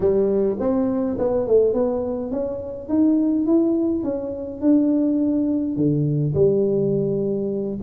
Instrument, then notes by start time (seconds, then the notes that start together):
tuba
0.00 G3
0.59 C4
1.18 B3
1.47 A3
1.73 B3
2.31 C#4
2.88 D#4
3.46 E4
4.03 C#4
4.61 D4
5.76 D3
6.34 G3